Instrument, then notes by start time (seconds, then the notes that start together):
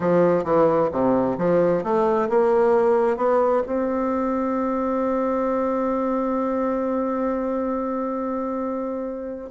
bassoon
0.00 F3
0.44 E3
0.92 C3
1.38 F3
1.83 A3
2.29 A#3
3.17 B3
3.66 C4